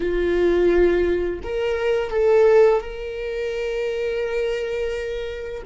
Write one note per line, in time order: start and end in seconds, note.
0.00 1.39 F4
1.43 2.10 A#4
2.10 2.80 A4
2.80 5.63 A#4